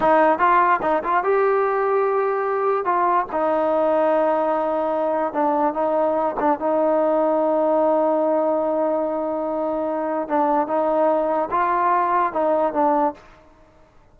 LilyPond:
\new Staff \with { instrumentName = "trombone" } { \time 4/4 \tempo 4 = 146 dis'4 f'4 dis'8 f'8 g'4~ | g'2. f'4 | dis'1~ | dis'4 d'4 dis'4. d'8 |
dis'1~ | dis'1~ | dis'4 d'4 dis'2 | f'2 dis'4 d'4 | }